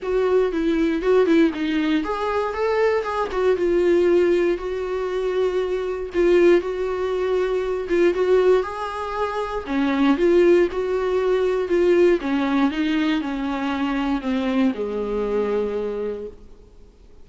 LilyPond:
\new Staff \with { instrumentName = "viola" } { \time 4/4 \tempo 4 = 118 fis'4 e'4 fis'8 e'8 dis'4 | gis'4 a'4 gis'8 fis'8 f'4~ | f'4 fis'2. | f'4 fis'2~ fis'8 f'8 |
fis'4 gis'2 cis'4 | f'4 fis'2 f'4 | cis'4 dis'4 cis'2 | c'4 gis2. | }